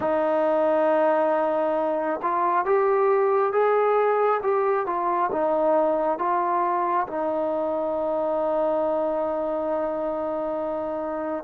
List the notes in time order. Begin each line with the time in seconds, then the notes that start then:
0.00 D#4
2.22 F4
2.65 G4
3.52 G#4
4.42 G4
4.86 F4
5.32 D#4
6.18 F4
7.07 D#4